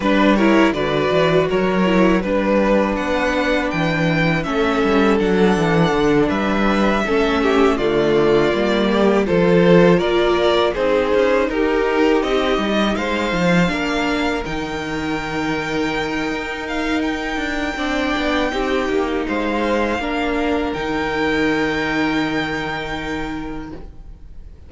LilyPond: <<
  \new Staff \with { instrumentName = "violin" } { \time 4/4 \tempo 4 = 81 b'8 cis''8 d''4 cis''4 b'4 | fis''4 g''4 e''4 fis''4~ | fis''8 e''2 d''4.~ | d''8 c''4 d''4 c''4 ais'8~ |
ais'8 dis''4 f''2 g''8~ | g''2~ g''8 f''8 g''4~ | g''2 f''2 | g''1 | }
  \new Staff \with { instrumentName = "violin" } { \time 4/4 b'8 ais'8 b'4 ais'4 b'4~ | b'2 a'2~ | a'8 b'4 a'8 g'8 f'4. | g'8 a'4 ais'4 gis'4 g'8~ |
g'4. c''4 ais'4.~ | ais'1 | d''4 g'4 c''4 ais'4~ | ais'1 | }
  \new Staff \with { instrumentName = "viola" } { \time 4/4 d'8 e'8 fis'4. e'8 d'4~ | d'2 cis'4 d'4~ | d'4. cis'4 a4 ais8~ | ais8 f'2 dis'4.~ |
dis'2~ dis'8 d'4 dis'8~ | dis'1 | d'4 dis'2 d'4 | dis'1 | }
  \new Staff \with { instrumentName = "cello" } { \time 4/4 g4 d8 e8 fis4 g4 | b4 e4 a8 g8 fis8 e8 | d8 g4 a4 d4 g8~ | g8 f4 ais4 c'8 cis'8 dis'8~ |
dis'8 c'8 g8 gis8 f8 ais4 dis8~ | dis2 dis'4. d'8 | c'8 b8 c'8 ais8 gis4 ais4 | dis1 | }
>>